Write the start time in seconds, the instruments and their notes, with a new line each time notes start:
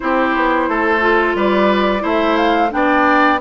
0.00 bassoon C4, clarinet E4, oboe G4, flute C5
0.36 bassoon B3
0.68 bassoon A3, oboe A4
1.00 clarinet F4
1.35 bassoon G3, oboe B4, flute D5
2.00 bassoon A3, clarinet E4, oboe C5, flute E5
2.36 flute F5
2.70 bassoon B3, clarinet D4, oboe D5, flute G5